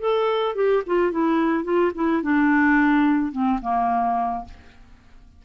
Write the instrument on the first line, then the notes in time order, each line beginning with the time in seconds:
clarinet
0.00 A4
0.55 G4
0.87 F4
1.12 E4
1.64 F4
1.95 E4
2.23 D4
3.32 C4
3.62 A#3